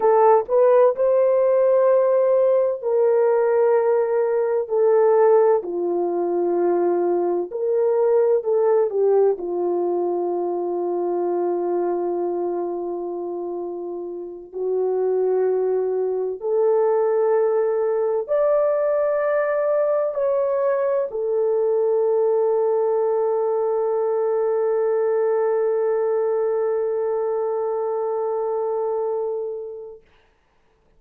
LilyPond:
\new Staff \with { instrumentName = "horn" } { \time 4/4 \tempo 4 = 64 a'8 b'8 c''2 ais'4~ | ais'4 a'4 f'2 | ais'4 a'8 g'8 f'2~ | f'2.~ f'8 fis'8~ |
fis'4. a'2 d''8~ | d''4. cis''4 a'4.~ | a'1~ | a'1 | }